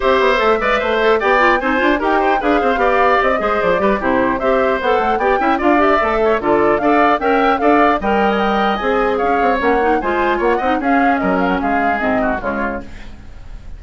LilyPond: <<
  \new Staff \with { instrumentName = "flute" } { \time 4/4 \tempo 4 = 150 e''2. g''4 | gis''4 g''4 f''2 | dis''4 d''4 c''4 e''4 | fis''4 g''4 f''8 e''4. |
d''4 f''4 g''4 f''4 | g''8. gis''16 g''4 gis''4 f''4 | fis''4 gis''4 fis''4 f''4 | dis''8 f''16 fis''16 f''4 dis''4 cis''4 | }
  \new Staff \with { instrumentName = "oboe" } { \time 4/4 c''4. d''8 c''4 d''4 | c''4 ais'8 c''8 b'8 c''8 d''4~ | d''8 c''4 b'8 g'4 c''4~ | c''4 d''8 e''8 d''4. cis''8 |
a'4 d''4 e''4 d''4 | dis''2. cis''4~ | cis''4 c''4 cis''8 dis''8 gis'4 | ais'4 gis'4. fis'8 f'4 | }
  \new Staff \with { instrumentName = "clarinet" } { \time 4/4 g'4 a'8 b'4 a'8 g'8 f'8 | dis'8 f'8 g'4 gis'4 g'4~ | g'8 gis'4 g'8 e'4 g'4 | a'4 g'8 e'8 f'8 g'8 a'4 |
f'4 a'4 ais'4 a'4 | ais'2 gis'2 | cis'8 dis'8 f'4. dis'8 cis'4~ | cis'2 c'4 gis4 | }
  \new Staff \with { instrumentName = "bassoon" } { \time 4/4 c'8 b8 a8 gis8 a4 b4 | c'8 d'8 dis'4 d'8 c'8 b4 | c'8 gis8 f8 g8 c4 c'4 | b8 a8 b8 cis'8 d'4 a4 |
d4 d'4 cis'4 d'4 | g2 c'4 cis'8 c'8 | ais4 gis4 ais8 c'8 cis'4 | fis4 gis4 gis,4 cis4 | }
>>